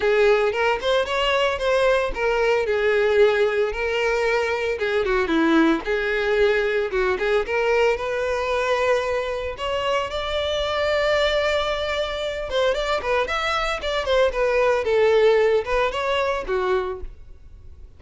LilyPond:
\new Staff \with { instrumentName = "violin" } { \time 4/4 \tempo 4 = 113 gis'4 ais'8 c''8 cis''4 c''4 | ais'4 gis'2 ais'4~ | ais'4 gis'8 fis'8 e'4 gis'4~ | gis'4 fis'8 gis'8 ais'4 b'4~ |
b'2 cis''4 d''4~ | d''2.~ d''8 c''8 | d''8 b'8 e''4 d''8 c''8 b'4 | a'4. b'8 cis''4 fis'4 | }